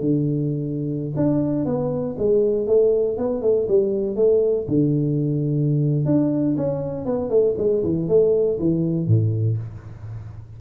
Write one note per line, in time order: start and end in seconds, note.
0.00 1.13 D3
1.16 1.65 D4
1.65 2.16 B3
2.18 2.67 G#3
2.67 3.18 A3
3.18 3.42 B3
3.42 3.67 A3
3.68 4.16 G3
4.16 4.66 A3
4.68 6.05 D3
6.05 6.56 D4
6.57 7.06 C#4
7.06 7.30 B3
7.30 7.55 A3
7.58 7.83 G#3
7.83 8.08 E3
8.08 8.59 A3
8.59 9.07 E3
9.07 9.58 A2